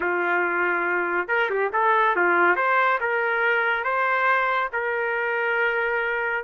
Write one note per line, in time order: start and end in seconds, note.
0.00 1.28 F4
1.28 1.49 A#4
1.50 1.71 G4
1.73 2.15 A4
2.15 2.56 F4
2.56 2.99 C5
3.00 3.84 A#4
3.84 4.69 C5
4.73 6.44 A#4